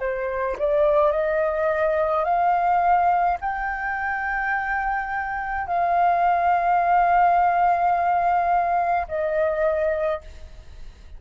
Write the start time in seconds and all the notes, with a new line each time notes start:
0.00 C5
0.59 D5
1.12 D#5
2.25 F5
3.41 G5
5.68 F5
9.08 D#5